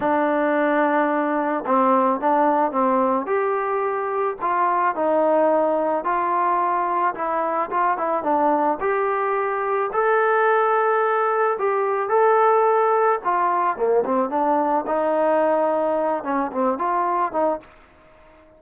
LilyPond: \new Staff \with { instrumentName = "trombone" } { \time 4/4 \tempo 4 = 109 d'2. c'4 | d'4 c'4 g'2 | f'4 dis'2 f'4~ | f'4 e'4 f'8 e'8 d'4 |
g'2 a'2~ | a'4 g'4 a'2 | f'4 ais8 c'8 d'4 dis'4~ | dis'4. cis'8 c'8 f'4 dis'8 | }